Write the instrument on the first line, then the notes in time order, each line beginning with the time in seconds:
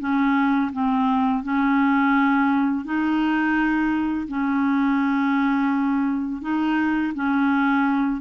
clarinet
0.00 C#4
0.73 C4
1.44 C#4
2.85 D#4
4.28 C#4
6.42 D#4
7.15 C#4